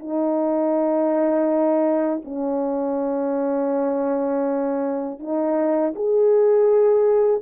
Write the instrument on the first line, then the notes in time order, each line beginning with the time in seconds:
horn
0.00 D#4
2.25 C#4
5.20 D#4
5.96 G#4